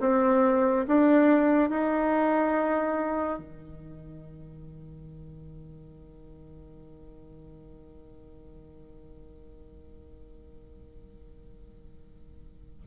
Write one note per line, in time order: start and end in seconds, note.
0.00 0.86 C4
0.88 1.70 D4
1.70 3.39 D#4
3.39 12.82 D#3